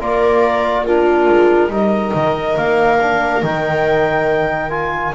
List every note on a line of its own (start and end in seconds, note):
0.00 1.29 A#3
0.00 0.86 F4
0.00 0.85 A#4
0.00 0.86 D5
0.85 1.70 D4
0.85 1.71 F4
0.85 1.72 A#4
1.29 1.70 G#3
1.70 2.12 G3
1.70 2.99 D#4
1.70 5.15 A#4
1.70 2.57 D#5
2.14 2.57 D#3
2.57 3.43 A#3
2.57 3.43 F5
2.99 3.42 D4
3.42 5.14 D#3
3.42 4.70 D#4
3.42 4.70 G5
4.70 5.13 F4
4.70 5.13 G#5